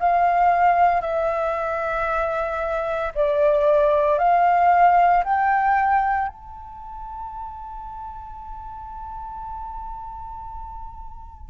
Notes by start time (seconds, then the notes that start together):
0.00 F5
1.02 E5
3.15 D5
4.19 F5
5.24 G5
6.28 A5